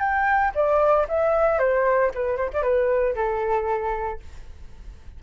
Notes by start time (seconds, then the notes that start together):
0.00 G5
0.55 D5
1.09 E5
1.59 C5
2.15 B4
2.37 C5
2.54 D5
2.63 B4
3.16 A4